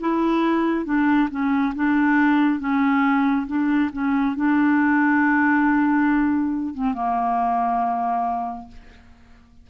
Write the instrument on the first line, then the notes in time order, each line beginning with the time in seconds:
clarinet
0.00 E4
0.85 D4
1.30 C#4
1.75 D4
2.59 C#4
3.47 D4
3.92 C#4
4.36 D4
6.74 C4
6.94 A#3